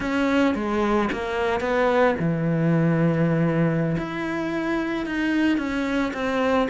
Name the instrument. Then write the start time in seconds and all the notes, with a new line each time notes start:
cello
0.00 C#4
0.55 G#3
1.12 A#3
1.60 B3
2.19 E3
3.97 E4
5.06 D#4
5.57 C#4
6.13 C4